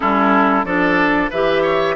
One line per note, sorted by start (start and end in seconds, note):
0.00 0.64 G3
0.00 0.65 C#4
0.00 0.65 E4
0.00 0.65 A4
0.64 1.30 F3
0.64 1.30 D4
0.64 1.30 A4
0.64 1.30 D5
1.30 1.96 E3
1.30 1.96 G4
1.30 1.62 B4
1.30 1.96 E5
1.62 1.95 C#5